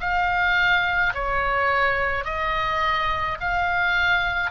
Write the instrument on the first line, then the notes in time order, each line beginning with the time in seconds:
oboe
0.00 F5
1.14 C#5
2.25 D#5
3.40 F5